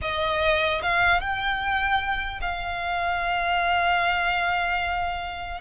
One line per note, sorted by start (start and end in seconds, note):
0.01 0.81 D#5
0.82 1.20 F5
1.20 2.40 G5
2.41 5.61 F5